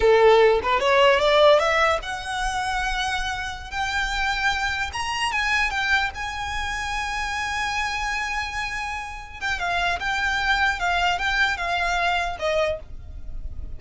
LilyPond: \new Staff \with { instrumentName = "violin" } { \time 4/4 \tempo 4 = 150 a'4. b'8 cis''4 d''4 | e''4 fis''2.~ | fis''4~ fis''16 g''2~ g''8.~ | g''16 ais''4 gis''4 g''4 gis''8.~ |
gis''1~ | gis''2.~ gis''8 g''8 | f''4 g''2 f''4 | g''4 f''2 dis''4 | }